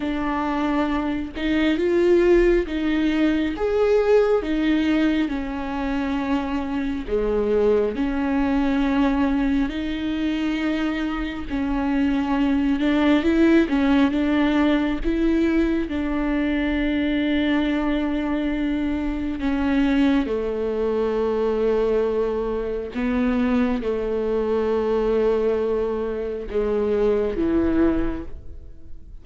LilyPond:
\new Staff \with { instrumentName = "viola" } { \time 4/4 \tempo 4 = 68 d'4. dis'8 f'4 dis'4 | gis'4 dis'4 cis'2 | gis4 cis'2 dis'4~ | dis'4 cis'4. d'8 e'8 cis'8 |
d'4 e'4 d'2~ | d'2 cis'4 a4~ | a2 b4 a4~ | a2 gis4 e4 | }